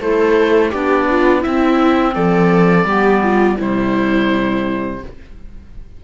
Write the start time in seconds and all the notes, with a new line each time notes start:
0.00 A3 E4 A4 C5
0.70 B3 D4 G4 D5
1.10 F4
1.41 C4 E4 E5
2.14 F3 A4 D5
2.84 G3 B3 G4
3.23 F4
3.57 C3 G3 E4 C5